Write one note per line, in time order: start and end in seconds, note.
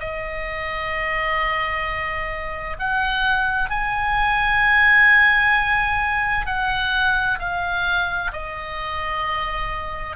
0.00 2.77 D#5
2.79 3.70 F#5
3.70 6.47 G#5
6.47 7.39 F#5
7.39 8.32 F5
8.33 10.17 D#5